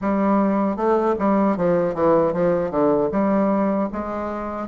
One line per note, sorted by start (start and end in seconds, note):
0.01 0.76 G3
0.76 1.15 A3
1.19 1.56 G3
1.56 1.94 F3
1.94 2.33 E3
2.33 2.70 F3
2.70 3.09 D3
3.11 3.89 G3
3.92 4.68 G#3